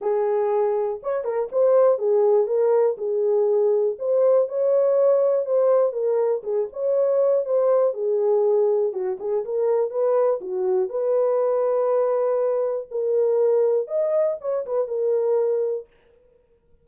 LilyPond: \new Staff \with { instrumentName = "horn" } { \time 4/4 \tempo 4 = 121 gis'2 cis''8 ais'8 c''4 | gis'4 ais'4 gis'2 | c''4 cis''2 c''4 | ais'4 gis'8 cis''4. c''4 |
gis'2 fis'8 gis'8 ais'4 | b'4 fis'4 b'2~ | b'2 ais'2 | dis''4 cis''8 b'8 ais'2 | }